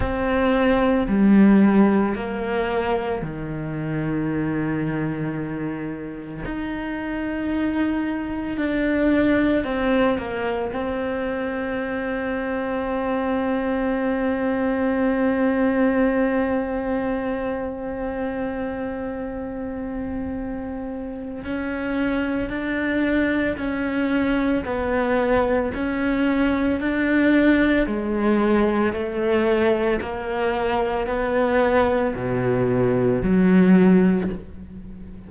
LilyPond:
\new Staff \with { instrumentName = "cello" } { \time 4/4 \tempo 4 = 56 c'4 g4 ais4 dis4~ | dis2 dis'2 | d'4 c'8 ais8 c'2~ | c'1~ |
c'1 | cis'4 d'4 cis'4 b4 | cis'4 d'4 gis4 a4 | ais4 b4 b,4 fis4 | }